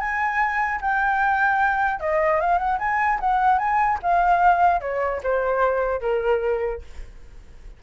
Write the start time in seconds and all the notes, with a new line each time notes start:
0.00 G#5
0.81 G5
2.00 D#5
2.40 F5
2.58 F#5
2.79 G#5
3.20 F#5
3.59 G#5
4.02 F5
4.81 C#5
5.23 C5
6.01 A#4